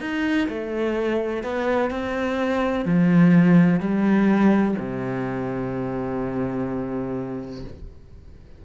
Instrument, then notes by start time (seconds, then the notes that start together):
cello
0.00 D#4
0.48 A3
1.43 B3
1.90 C4
2.85 F3
3.80 G3
4.78 C3